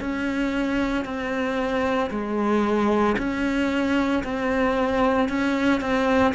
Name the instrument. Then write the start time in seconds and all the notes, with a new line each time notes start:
cello
0.00 C#4
1.05 C4
2.11 G#3
3.18 C#4
4.24 C4
5.29 C#4
5.81 C4